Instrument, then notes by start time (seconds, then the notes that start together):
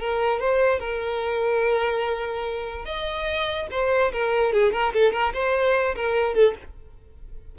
violin
0.00 A#4
0.40 C5
0.80 A#4
2.85 D#5
3.71 C5
4.12 A#4
4.53 G#4
4.73 A#4
4.93 A4
5.12 A#4
5.34 C5
5.96 A#4
6.34 A4